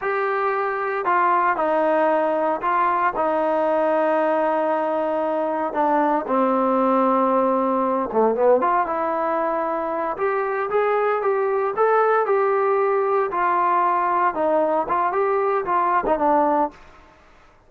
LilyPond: \new Staff \with { instrumentName = "trombone" } { \time 4/4 \tempo 4 = 115 g'2 f'4 dis'4~ | dis'4 f'4 dis'2~ | dis'2. d'4 | c'2.~ c'8 a8 |
b8 f'8 e'2~ e'8 g'8~ | g'8 gis'4 g'4 a'4 g'8~ | g'4. f'2 dis'8~ | dis'8 f'8 g'4 f'8. dis'16 d'4 | }